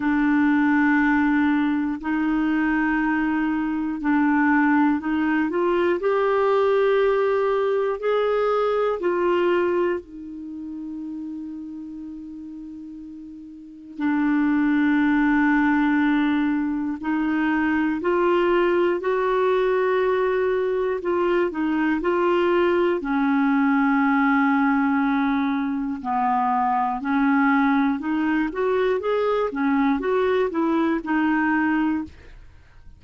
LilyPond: \new Staff \with { instrumentName = "clarinet" } { \time 4/4 \tempo 4 = 60 d'2 dis'2 | d'4 dis'8 f'8 g'2 | gis'4 f'4 dis'2~ | dis'2 d'2~ |
d'4 dis'4 f'4 fis'4~ | fis'4 f'8 dis'8 f'4 cis'4~ | cis'2 b4 cis'4 | dis'8 fis'8 gis'8 cis'8 fis'8 e'8 dis'4 | }